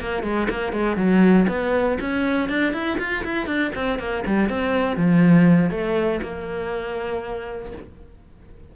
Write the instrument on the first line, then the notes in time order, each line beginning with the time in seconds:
cello
0.00 A#3
0.23 G#3
0.50 A#3
0.72 G#3
0.97 F#3
1.48 B3
2.00 C#4
2.49 D4
2.73 E4
2.98 F4
3.24 E4
3.46 D4
3.75 C4
3.99 A#3
4.26 G3
4.49 C4
4.96 F3
5.70 A3
6.22 A#3